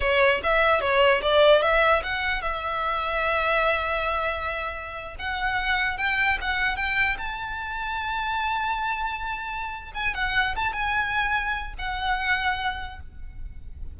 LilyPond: \new Staff \with { instrumentName = "violin" } { \time 4/4 \tempo 4 = 148 cis''4 e''4 cis''4 d''4 | e''4 fis''4 e''2~ | e''1~ | e''8. fis''2 g''4 fis''16~ |
fis''8. g''4 a''2~ a''16~ | a''1~ | a''8 gis''8 fis''4 a''8 gis''4.~ | gis''4 fis''2. | }